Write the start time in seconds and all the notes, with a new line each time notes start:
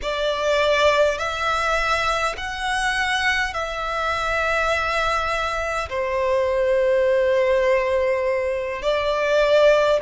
0.02 D5
1.18 E5
2.37 F#5
3.53 E5
5.89 C5
8.82 D5